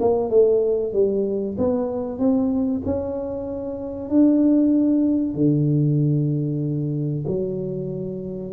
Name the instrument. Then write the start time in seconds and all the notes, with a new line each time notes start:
tuba
0.00 A#3
0.30 A3
0.93 G3
1.58 B3
2.18 C4
2.85 C#4
4.09 D4
5.35 D3
7.27 F#3